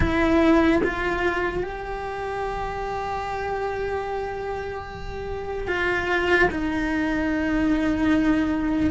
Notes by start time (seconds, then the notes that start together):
0.00 E4
0.83 F4
1.63 G4
5.67 F4
6.50 D#4